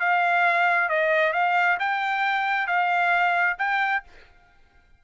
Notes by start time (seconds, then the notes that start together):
0.00 F5
0.89 D#5
1.33 F5
1.80 G5
2.67 F5
3.59 G5